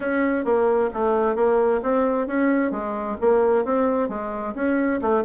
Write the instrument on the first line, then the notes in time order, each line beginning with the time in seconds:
bassoon
0.00 C#4
0.44 A#3
0.93 A3
1.35 A#3
1.83 C4
2.27 C#4
2.71 G#3
3.20 A#3
3.64 C4
4.08 G#3
4.55 C#4
5.01 A3